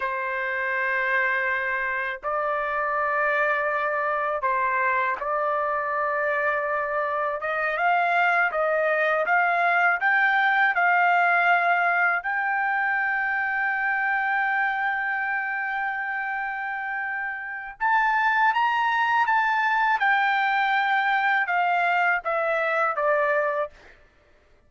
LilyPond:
\new Staff \with { instrumentName = "trumpet" } { \time 4/4 \tempo 4 = 81 c''2. d''4~ | d''2 c''4 d''4~ | d''2 dis''8 f''4 dis''8~ | dis''8 f''4 g''4 f''4.~ |
f''8 g''2.~ g''8~ | g''1 | a''4 ais''4 a''4 g''4~ | g''4 f''4 e''4 d''4 | }